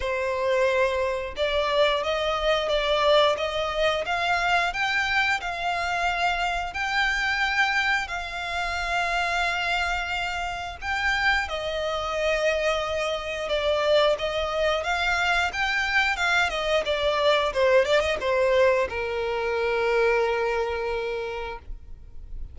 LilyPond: \new Staff \with { instrumentName = "violin" } { \time 4/4 \tempo 4 = 89 c''2 d''4 dis''4 | d''4 dis''4 f''4 g''4 | f''2 g''2 | f''1 |
g''4 dis''2. | d''4 dis''4 f''4 g''4 | f''8 dis''8 d''4 c''8 d''16 dis''16 c''4 | ais'1 | }